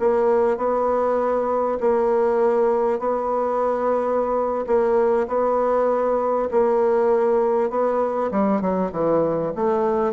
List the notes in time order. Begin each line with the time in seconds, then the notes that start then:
0.00 A#3
0.58 B3
1.81 A#3
2.99 B3
4.67 A#3
5.28 B3
6.52 A#3
7.70 B3
8.32 G3
8.61 F#3
8.93 E3
9.56 A3